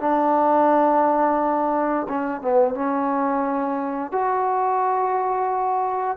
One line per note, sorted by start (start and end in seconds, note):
0.00 2.07 D4
2.08 2.41 C#4
2.41 2.75 B3
2.75 4.12 C#4
4.12 6.17 F#4